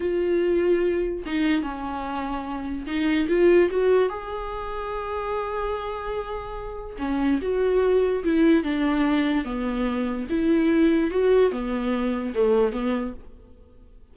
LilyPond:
\new Staff \with { instrumentName = "viola" } { \time 4/4 \tempo 4 = 146 f'2. dis'4 | cis'2. dis'4 | f'4 fis'4 gis'2~ | gis'1~ |
gis'4 cis'4 fis'2 | e'4 d'2 b4~ | b4 e'2 fis'4 | b2 a4 b4 | }